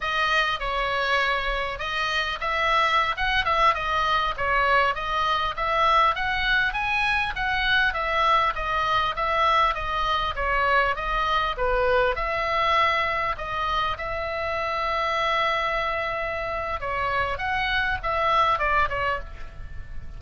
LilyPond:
\new Staff \with { instrumentName = "oboe" } { \time 4/4 \tempo 4 = 100 dis''4 cis''2 dis''4 | e''4~ e''16 fis''8 e''8 dis''4 cis''8.~ | cis''16 dis''4 e''4 fis''4 gis''8.~ | gis''16 fis''4 e''4 dis''4 e''8.~ |
e''16 dis''4 cis''4 dis''4 b'8.~ | b'16 e''2 dis''4 e''8.~ | e''1 | cis''4 fis''4 e''4 d''8 cis''8 | }